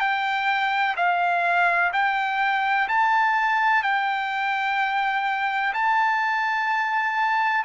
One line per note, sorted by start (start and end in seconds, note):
0.00 0.95 G5
0.97 1.92 F5
1.93 2.88 G5
2.88 3.83 A5
3.83 5.73 G5
5.74 7.64 A5